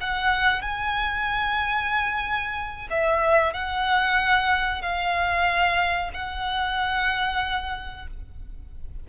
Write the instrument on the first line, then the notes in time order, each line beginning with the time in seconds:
violin
0.00 F#5
0.62 G#5
2.90 E5
3.53 F#5
4.82 F5
6.13 F#5